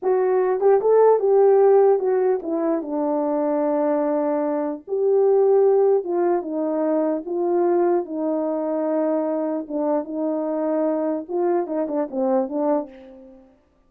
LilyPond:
\new Staff \with { instrumentName = "horn" } { \time 4/4 \tempo 4 = 149 fis'4. g'8 a'4 g'4~ | g'4 fis'4 e'4 d'4~ | d'1 | g'2. f'4 |
dis'2 f'2 | dis'1 | d'4 dis'2. | f'4 dis'8 d'8 c'4 d'4 | }